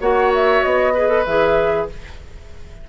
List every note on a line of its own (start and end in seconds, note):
0.00 0.62 A#3
0.00 0.93 F#4
0.00 0.93 C#5
0.00 0.32 F#5
0.34 0.63 E5
0.63 1.26 B3
0.63 1.25 D#5
0.94 1.08 G#4
0.94 1.87 B4
1.08 1.23 A4
1.25 1.88 E3
1.25 1.89 G#4
1.25 1.87 E5